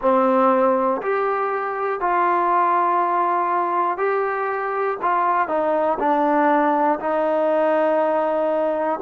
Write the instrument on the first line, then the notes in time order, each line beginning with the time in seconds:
trombone
0.01 C4
1.02 G4
2.00 F4
3.97 G4
5.01 F4
5.48 D#4
5.99 D4
6.99 D#4